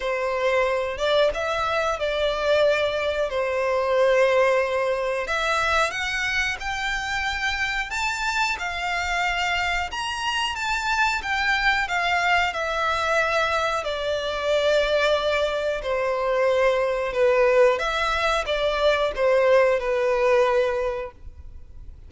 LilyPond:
\new Staff \with { instrumentName = "violin" } { \time 4/4 \tempo 4 = 91 c''4. d''8 e''4 d''4~ | d''4 c''2. | e''4 fis''4 g''2 | a''4 f''2 ais''4 |
a''4 g''4 f''4 e''4~ | e''4 d''2. | c''2 b'4 e''4 | d''4 c''4 b'2 | }